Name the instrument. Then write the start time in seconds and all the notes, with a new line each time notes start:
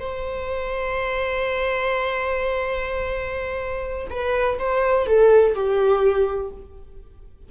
viola
0.00 C5
4.10 B4
4.59 C5
5.07 A4
5.55 G4